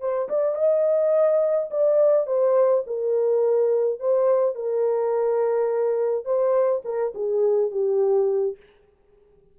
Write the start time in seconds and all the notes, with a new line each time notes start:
0.00 C5
0.29 D5
0.55 D#5
1.70 D5
2.26 C5
2.86 A#4
4.00 C5
4.55 A#4
6.25 C5
6.84 A#4
7.14 G#4
7.71 G4